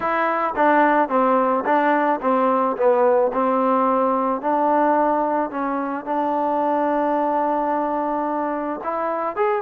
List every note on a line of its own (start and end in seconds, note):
0.00 0.54 E4
0.56 1.08 D4
1.08 1.63 C4
1.65 2.20 D4
2.21 2.76 C4
2.76 3.31 B3
3.33 4.41 C4
4.41 5.50 D4
5.50 6.05 C#4
6.05 8.80 D4
8.83 9.36 E4
9.36 9.62 G#4